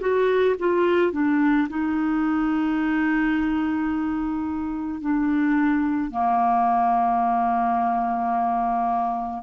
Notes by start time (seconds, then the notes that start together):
0.00 F#4
0.59 F4
1.12 D4
1.69 D#4
5.01 D4
6.10 A#3